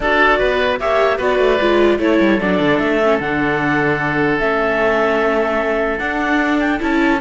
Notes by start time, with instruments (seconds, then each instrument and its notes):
0.00 cello D4, viola F#4, oboe A4, clarinet D5
0.38 cello B3, oboe B4
0.79 cello A#3, viola G4, oboe C#5, clarinet E5
1.17 cello B3, viola F#4, oboe B4, clarinet D5
1.39 cello A3
1.61 cello G#3, viola F4
1.99 cello A3, viola E4, oboe A4, clarinet C#5
2.20 cello G3
2.40 cello F#3, viola D4, clarinet D5
2.59 cello D3
2.78 cello A3, clarinet E5
3.02 viola C#4
3.20 cello D3, viola D4, clarinet F#5
4.39 cello A3, viola C#4, clarinet E5
5.98 viola D4, cello D4, clarinet F#5
6.59 clarinet G5
6.79 cello C#4, viola E4, clarinet A5